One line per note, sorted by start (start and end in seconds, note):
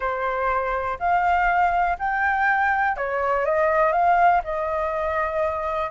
0.00 0.98 C5
0.99 1.97 F5
1.98 2.96 G5
2.96 3.45 C#5
3.45 3.92 D#5
3.92 4.41 F5
4.44 5.90 D#5